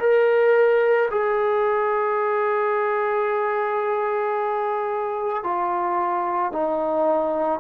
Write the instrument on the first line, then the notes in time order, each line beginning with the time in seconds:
trombone
0.00 A#4
1.11 G#4
5.44 F4
6.53 D#4